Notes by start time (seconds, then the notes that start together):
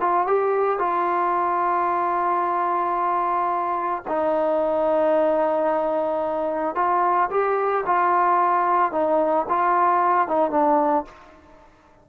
0.00 F4
0.27 G4
0.79 F4
4.08 D#4
6.75 F4
7.30 G4
7.86 F4
8.92 D#4
9.49 F4
10.28 D#4
10.51 D4